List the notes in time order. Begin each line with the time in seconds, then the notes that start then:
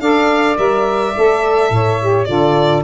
0.00 D4 A4 D5 F5
0.57 G3 A#4 E5
1.17 A3 A4
1.70 A2 C#5
2.01 G4
2.25 D3 F4 A4 D5